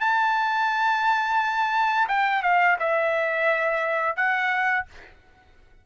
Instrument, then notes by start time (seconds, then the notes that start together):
trumpet
0.00 A5
2.08 G5
2.42 F5
2.79 E5
4.16 F#5